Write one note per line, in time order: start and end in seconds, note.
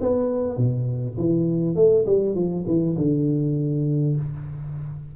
0.00 0.56 B3
0.56 1.16 B2
1.17 1.75 E3
1.75 2.04 A3
2.05 2.34 G3
2.34 2.64 F3
2.67 2.96 E3
2.97 4.16 D3